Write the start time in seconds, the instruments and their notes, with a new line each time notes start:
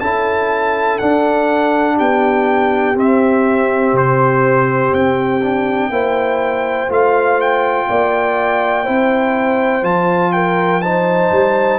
0.00 tuba C#4, trombone E4, horn A4, trumpet A5
0.98 trombone D4, tuba D4, trumpet F#5
1.96 tuba B3, horn G4, trumpet G5
2.95 trombone C4, tuba C4, trumpet E5
3.93 tuba C3, trumpet C5
4.92 tuba C4, trumpet G5
5.42 trombone D4
5.90 tuba A#3, trombone E4, horn C5
6.88 tuba A3, trombone F4, trumpet F5
7.41 trumpet G5
7.88 tuba A#3, horn D5
8.84 tuba C4, trombone E4, horn C5
9.82 tuba F3, trombone F4, trumpet A5
10.32 horn A#4, trumpet G5
10.81 trombone D#4, horn C5, trumpet A5
11.31 tuba G3